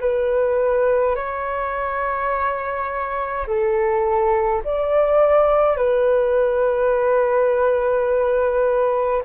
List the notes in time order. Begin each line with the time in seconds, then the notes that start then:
0.00 B4
1.15 C#5
3.47 A4
4.64 D5
5.76 B4